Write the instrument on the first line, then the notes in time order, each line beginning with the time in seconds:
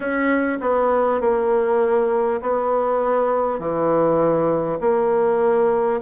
bassoon
0.00 C#4
0.60 B3
1.20 A#3
2.41 B3
3.59 E3
4.80 A#3